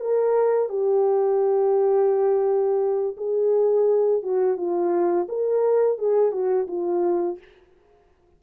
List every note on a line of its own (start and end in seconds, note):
0.00 0.69 A#4
0.69 3.16 G4
3.16 4.22 G#4
4.22 4.57 F#4
4.57 5.27 F4
5.28 5.98 A#4
5.98 6.31 G#4
6.31 6.67 F#4
6.67 7.38 F4